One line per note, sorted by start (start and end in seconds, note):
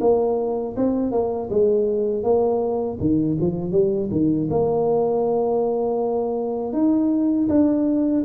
0.00 0.75 A#3
0.76 1.11 C4
1.11 1.49 A#3
1.50 2.23 G#3
2.23 2.98 A#3
2.99 3.37 D#3
3.40 3.71 F3
3.71 4.09 G3
4.11 4.48 D#3
4.50 6.72 A#3
6.72 7.47 D#4
7.49 8.24 D4